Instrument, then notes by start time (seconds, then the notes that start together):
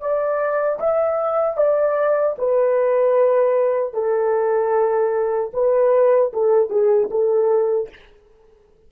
horn
0.00 D5
0.79 E5
1.57 D5
2.38 B4
3.93 A4
5.53 B4
6.33 A4
6.69 G#4
7.10 A4